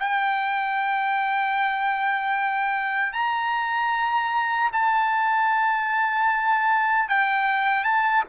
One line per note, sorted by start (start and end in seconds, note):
0.00 3.13 G5
3.13 4.71 A#5
4.73 7.09 A5
7.09 7.84 G5
7.84 8.24 A5